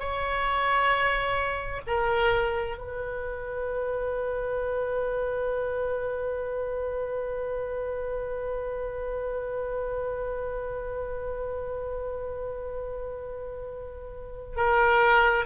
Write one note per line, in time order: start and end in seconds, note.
0.00 1.82 C#5
1.87 2.78 A#4
2.78 14.57 B4
14.57 15.46 A#4